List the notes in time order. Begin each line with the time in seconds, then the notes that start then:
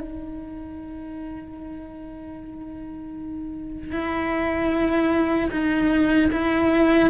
0.00 D#4
3.92 E4
5.52 D#4
6.32 E4